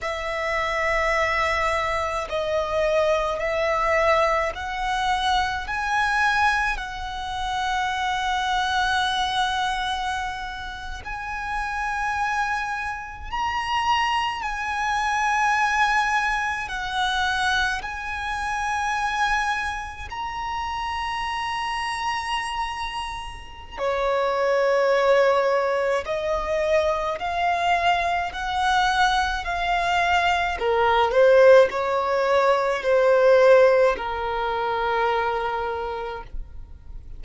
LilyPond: \new Staff \with { instrumentName = "violin" } { \time 4/4 \tempo 4 = 53 e''2 dis''4 e''4 | fis''4 gis''4 fis''2~ | fis''4.~ fis''16 gis''2 ais''16~ | ais''8. gis''2 fis''4 gis''16~ |
gis''4.~ gis''16 ais''2~ ais''16~ | ais''4 cis''2 dis''4 | f''4 fis''4 f''4 ais'8 c''8 | cis''4 c''4 ais'2 | }